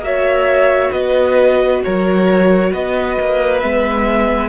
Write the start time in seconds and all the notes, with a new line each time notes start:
0.00 A#3 F#4 C#5 E5
0.92 B3 B4 D#5
1.84 F#3 A#4 C#5
2.72 B3 B4 D#5
3.20 A#3
3.60 G#3 B3 E5